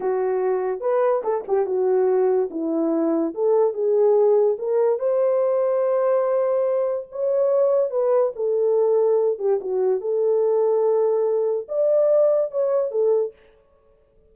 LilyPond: \new Staff \with { instrumentName = "horn" } { \time 4/4 \tempo 4 = 144 fis'2 b'4 a'8 g'8 | fis'2 e'2 | a'4 gis'2 ais'4 | c''1~ |
c''4 cis''2 b'4 | a'2~ a'8 g'8 fis'4 | a'1 | d''2 cis''4 a'4 | }